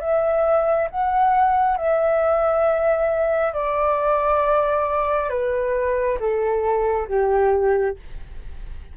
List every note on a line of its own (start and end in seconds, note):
0.00 0.88 E5
0.90 1.76 F#5
1.76 3.53 E5
3.53 5.29 D5
5.29 6.18 B4
6.19 7.07 A4
7.08 7.96 G4